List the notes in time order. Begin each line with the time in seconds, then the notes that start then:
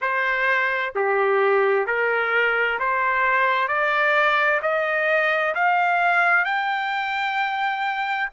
0.01 C5
0.95 G4
1.86 A#4
2.79 C5
3.68 D5
4.62 D#5
5.54 F5
6.44 G5